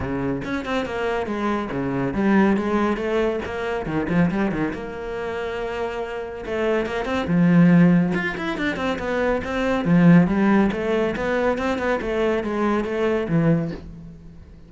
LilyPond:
\new Staff \with { instrumentName = "cello" } { \time 4/4 \tempo 4 = 140 cis4 cis'8 c'8 ais4 gis4 | cis4 g4 gis4 a4 | ais4 dis8 f8 g8 dis8 ais4~ | ais2. a4 |
ais8 c'8 f2 f'8 e'8 | d'8 c'8 b4 c'4 f4 | g4 a4 b4 c'8 b8 | a4 gis4 a4 e4 | }